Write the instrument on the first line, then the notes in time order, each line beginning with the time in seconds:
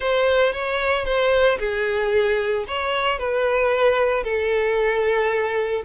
violin
0.00 C5
0.52 C#5
1.05 C5
1.59 G#4
2.67 C#5
3.18 B4
4.23 A4